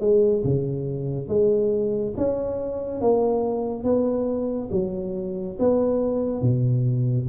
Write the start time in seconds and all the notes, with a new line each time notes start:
0.00 G#3
0.44 C#3
1.28 G#3
2.17 C#4
3.01 A#3
3.84 B3
4.71 F#3
5.59 B3
6.41 B2